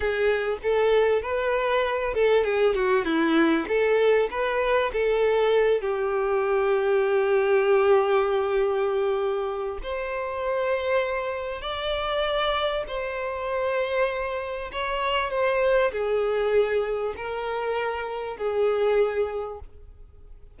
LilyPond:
\new Staff \with { instrumentName = "violin" } { \time 4/4 \tempo 4 = 98 gis'4 a'4 b'4. a'8 | gis'8 fis'8 e'4 a'4 b'4 | a'4. g'2~ g'8~ | g'1 |
c''2. d''4~ | d''4 c''2. | cis''4 c''4 gis'2 | ais'2 gis'2 | }